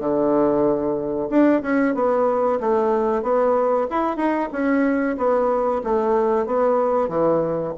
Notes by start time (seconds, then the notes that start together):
0.00 D3
1.30 D4
1.62 C#4
1.95 B3
2.60 A3
3.23 B3
3.90 E4
4.17 D#4
4.52 C#4
5.17 B3
5.84 A3
6.46 B3
7.09 E3